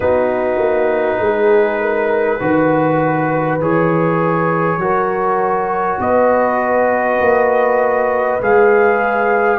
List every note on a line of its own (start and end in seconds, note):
0.00 0.58 B3
0.00 2.40 D#4
0.00 1.21 F#4
0.00 3.60 B4
0.58 1.18 A#3
1.19 2.39 G#3
1.19 1.80 G#4
1.80 2.40 A#4
2.40 3.60 D#3
2.40 3.60 F#4
2.40 4.81 B4
3.60 4.77 E3
3.60 4.80 G#4
3.60 6.00 C#5
4.77 5.97 F#3
4.77 8.40 F#4
4.77 6.01 A#4
5.99 7.19 B3
5.99 9.59 B4
5.99 8.40 D#5
7.20 8.40 A#3
8.41 9.59 G#3
8.41 9.59 G#4
8.41 9.59 F5